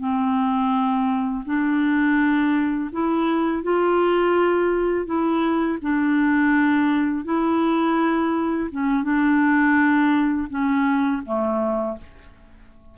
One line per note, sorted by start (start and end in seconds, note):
0.00 1.45 C4
1.46 2.90 D4
2.93 3.64 E4
3.64 5.06 F4
5.06 5.79 E4
5.82 7.25 D4
7.25 8.70 E4
8.72 9.04 C#4
9.04 10.49 D4
10.50 11.23 C#4
11.26 11.98 A3